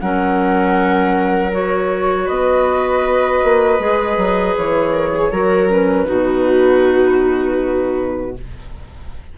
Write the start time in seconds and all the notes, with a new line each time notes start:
0.00 F#3 C#4 A#4 F#5
1.51 F#4 C#5
2.25 B3 B4 D#5
3.44 A#3
3.79 G#3 G#4
4.17 F#3
4.57 E3 C#5
4.93 A#4
5.15 G#4
5.32 F#3 F#4 A#4
5.69 C#4 B4
6.06 B2 D#4 F#4